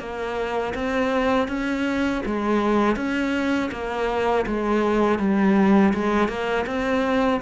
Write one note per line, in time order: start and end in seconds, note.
0.00 0.74 A#3
0.75 1.48 C4
1.48 2.23 C#4
2.26 2.96 G#3
2.96 3.70 C#4
3.72 4.46 A#3
4.47 5.20 G#3
5.20 5.94 G3
5.94 6.29 G#3
6.29 6.66 A#3
6.67 7.41 C4